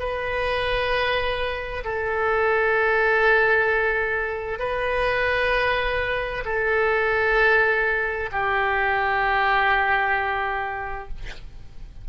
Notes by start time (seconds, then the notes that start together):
0.00 B4
1.85 A4
4.59 B4
6.46 A4
8.32 G4